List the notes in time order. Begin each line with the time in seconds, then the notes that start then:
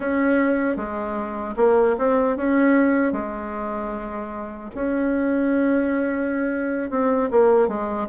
0.00 C#4
0.76 G#3
1.56 A#3
1.98 C4
2.36 C#4
3.12 G#3
4.74 C#4
6.90 C4
7.31 A#3
7.68 G#3